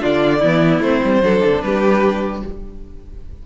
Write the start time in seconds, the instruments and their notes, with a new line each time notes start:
0.00 cello D3, viola D4, violin F4 D5
0.40 cello E3, viola B3, violin E4
0.81 cello A3, viola C4, violin C5
1.05 cello G3
1.22 cello F#3, viola D4, violin A4
1.46 cello D3
1.62 cello G3, violin G4 B4